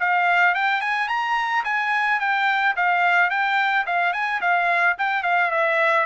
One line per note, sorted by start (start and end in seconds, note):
0.00 0.55 F5
0.55 0.81 G5
0.81 1.08 G#5
1.08 1.64 A#5
1.64 2.20 G#5
2.20 2.75 G5
2.76 3.30 F5
3.30 3.86 G5
3.86 4.13 F5
4.13 4.41 G#5
4.41 4.96 F5
4.98 5.23 G5
5.23 5.51 F5
5.51 6.06 E5